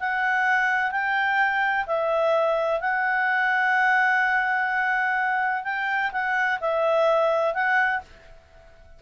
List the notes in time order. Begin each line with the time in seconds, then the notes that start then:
0.00 F#5
0.92 G5
1.87 E5
2.81 F#5
5.64 G5
6.12 F#5
6.61 E5
7.54 F#5